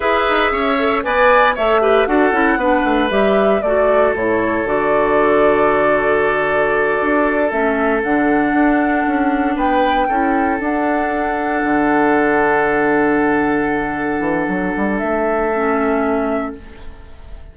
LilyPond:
<<
  \new Staff \with { instrumentName = "flute" } { \time 4/4 \tempo 4 = 116 e''2 gis''4 e''4 | fis''2 e''4 d''4 | cis''4 d''2.~ | d''2~ d''8 e''4 fis''8~ |
fis''2~ fis''8 g''4.~ | g''8 fis''2.~ fis''8~ | fis''1~ | fis''4 e''2. | }
  \new Staff \with { instrumentName = "oboe" } { \time 4/4 b'4 cis''4 d''4 cis''8 b'8 | a'4 b'2 a'4~ | a'1~ | a'1~ |
a'2~ a'8 b'4 a'8~ | a'1~ | a'1~ | a'1 | }
  \new Staff \with { instrumentName = "clarinet" } { \time 4/4 gis'4. a'8 b'4 a'8 g'8 | fis'8 e'8 d'4 g'4 fis'4 | e'4 fis'2.~ | fis'2~ fis'8 cis'4 d'8~ |
d'2.~ d'8 e'8~ | e'8 d'2.~ d'8~ | d'1~ | d'2 cis'2 | }
  \new Staff \with { instrumentName = "bassoon" } { \time 4/4 e'8 dis'8 cis'4 b4 a4 | d'8 cis'8 b8 a8 g4 a4 | a,4 d2.~ | d4. d'4 a4 d8~ |
d8 d'4 cis'4 b4 cis'8~ | cis'8 d'2 d4.~ | d2.~ d8 e8 | fis8 g8 a2. | }
>>